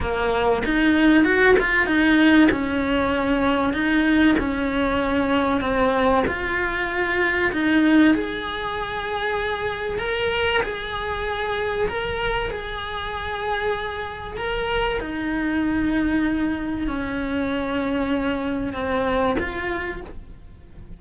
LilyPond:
\new Staff \with { instrumentName = "cello" } { \time 4/4 \tempo 4 = 96 ais4 dis'4 fis'8 f'8 dis'4 | cis'2 dis'4 cis'4~ | cis'4 c'4 f'2 | dis'4 gis'2. |
ais'4 gis'2 ais'4 | gis'2. ais'4 | dis'2. cis'4~ | cis'2 c'4 f'4 | }